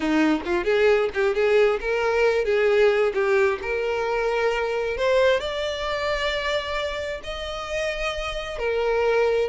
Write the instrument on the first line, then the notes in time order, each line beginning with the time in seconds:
violin
0.00 D#4
0.45 F4
0.64 G#4
1.13 G4
1.34 G#4
1.80 A#4
2.45 G#4
3.14 G4
3.62 A#4
4.97 C5
5.40 D5
7.23 D#5
8.58 A#4